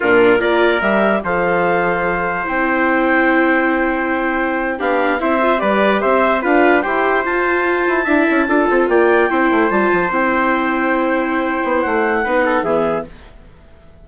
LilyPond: <<
  \new Staff \with { instrumentName = "clarinet" } { \time 4/4 \tempo 4 = 147 ais'4 d''4 e''4 f''4~ | f''2 g''2~ | g''2.~ g''8. f''16~ | f''8. e''4 d''4 e''4 f''16~ |
f''8. g''4 a''2~ a''16~ | a''4.~ a''16 g''2 a''16~ | a''8. g''2.~ g''16~ | g''4 fis''2 e''4 | }
  \new Staff \with { instrumentName = "trumpet" } { \time 4/4 f'4 ais'2 c''4~ | c''1~ | c''2.~ c''8. g'16~ | g'8. c''4 b'4 c''4 b'16~ |
b'8. c''2. e''16~ | e''8. a'4 d''4 c''4~ c''16~ | c''1~ | c''2 b'8 a'8 gis'4 | }
  \new Staff \with { instrumentName = "viola" } { \time 4/4 d'4 f'4 g'4 a'4~ | a'2 e'2~ | e'2.~ e'8. d'16~ | d'8. e'8 f'8 g'2 f'16~ |
f'8. g'4 f'2 e'16~ | e'8. f'2 e'4 f'16~ | f'8. e'2.~ e'16~ | e'2 dis'4 b4 | }
  \new Staff \with { instrumentName = "bassoon" } { \time 4/4 ais,4 ais4 g4 f4~ | f2 c'2~ | c'2.~ c'8. b16~ | b8. c'4 g4 c'4 d'16~ |
d'8. e'4 f'4. e'8 d'16~ | d'16 cis'8 d'8 c'8 ais4 c'8 a8 g16~ | g16 f8 c'2.~ c'16~ | c'8 b8 a4 b4 e4 | }
>>